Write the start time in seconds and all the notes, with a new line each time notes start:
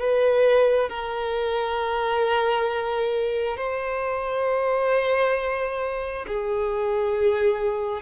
0.00 B4
0.90 A#4
3.57 C5
6.28 G#4